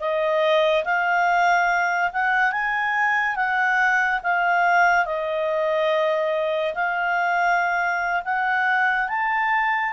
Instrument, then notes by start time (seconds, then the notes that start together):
clarinet
0.00 D#5
0.85 F5
2.13 F#5
2.52 G#5
3.36 F#5
4.23 F5
5.06 D#5
6.75 F5
8.25 F#5
9.09 A5